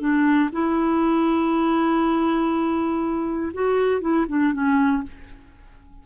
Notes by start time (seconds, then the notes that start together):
0.00 D4
0.53 E4
3.54 F#4
4.01 E4
4.28 D4
4.53 C#4